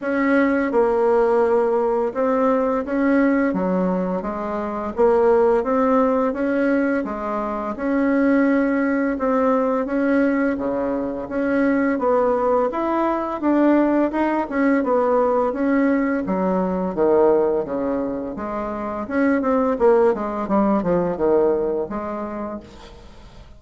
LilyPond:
\new Staff \with { instrumentName = "bassoon" } { \time 4/4 \tempo 4 = 85 cis'4 ais2 c'4 | cis'4 fis4 gis4 ais4 | c'4 cis'4 gis4 cis'4~ | cis'4 c'4 cis'4 cis4 |
cis'4 b4 e'4 d'4 | dis'8 cis'8 b4 cis'4 fis4 | dis4 cis4 gis4 cis'8 c'8 | ais8 gis8 g8 f8 dis4 gis4 | }